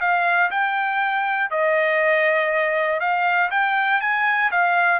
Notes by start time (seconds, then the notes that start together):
0.00 F5
0.50 G5
1.50 D#5
3.00 F5
3.50 G5
4.00 G#5
4.51 F5